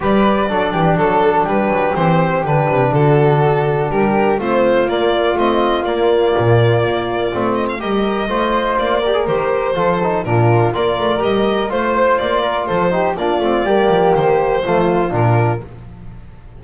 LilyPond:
<<
  \new Staff \with { instrumentName = "violin" } { \time 4/4 \tempo 4 = 123 d''2 a'4 b'4 | c''4 b'4 a'2 | ais'4 c''4 d''4 dis''4 | d''2.~ d''8 dis''16 f''16 |
dis''2 d''4 c''4~ | c''4 ais'4 d''4 dis''4 | c''4 d''4 c''4 d''4~ | d''4 c''2 ais'4 | }
  \new Staff \with { instrumentName = "flute" } { \time 4/4 b'4 a'8 g'8 a'4 g'4~ | g'2 fis'2 | g'4 f'2.~ | f'1 |
ais'4 c''4. ais'4. | a'4 f'4 ais'2 | c''4. ais'8 a'8 g'8 f'4 | g'2 f'2 | }
  \new Staff \with { instrumentName = "trombone" } { \time 4/4 g'4 d'2. | c'4 d'2.~ | d'4 c'4 ais4 c'4 | ais2. c'4 |
g'4 f'4. g'16 gis'16 g'4 | f'8 dis'8 d'4 f'4 g'4 | f'2~ f'8 dis'8 d'8 c'8 | ais2 a4 d'4 | }
  \new Staff \with { instrumentName = "double bass" } { \time 4/4 g4 fis8 e8 fis4 g8 fis8 | e4 d8 c8 d2 | g4 a4 ais4 a4 | ais4 ais,4 ais4 a4 |
g4 a4 ais4 dis4 | f4 ais,4 ais8 a8 g4 | a4 ais4 f4 ais8 a8 | g8 f8 dis4 f4 ais,4 | }
>>